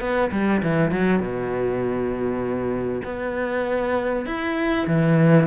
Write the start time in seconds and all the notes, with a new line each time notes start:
0.00 B3
0.31 G3
0.62 E3
0.91 F#3
1.20 B2
3.04 B3
4.26 E4
4.87 E3